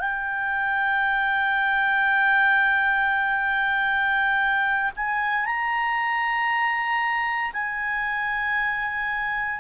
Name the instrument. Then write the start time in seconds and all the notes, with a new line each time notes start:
clarinet
0.00 G5
4.96 G#5
5.45 A#5
7.53 G#5